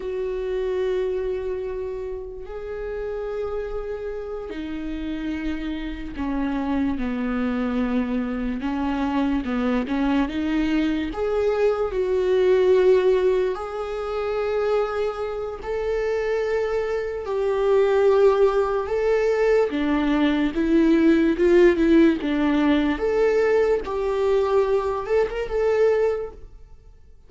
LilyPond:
\new Staff \with { instrumentName = "viola" } { \time 4/4 \tempo 4 = 73 fis'2. gis'4~ | gis'4. dis'2 cis'8~ | cis'8 b2 cis'4 b8 | cis'8 dis'4 gis'4 fis'4.~ |
fis'8 gis'2~ gis'8 a'4~ | a'4 g'2 a'4 | d'4 e'4 f'8 e'8 d'4 | a'4 g'4. a'16 ais'16 a'4 | }